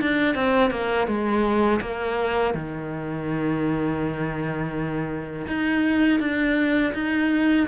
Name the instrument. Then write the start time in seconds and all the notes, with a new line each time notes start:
cello
0.00 D4
0.35 C4
0.71 A#3
1.07 G#3
1.81 A#3
2.54 D#3
5.47 D#4
6.20 D4
6.93 D#4